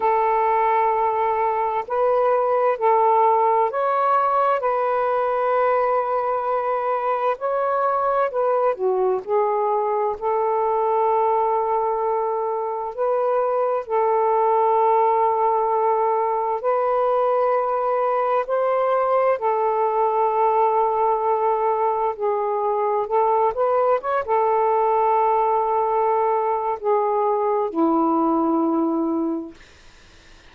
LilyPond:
\new Staff \with { instrumentName = "saxophone" } { \time 4/4 \tempo 4 = 65 a'2 b'4 a'4 | cis''4 b'2. | cis''4 b'8 fis'8 gis'4 a'4~ | a'2 b'4 a'4~ |
a'2 b'2 | c''4 a'2. | gis'4 a'8 b'8 cis''16 a'4.~ a'16~ | a'4 gis'4 e'2 | }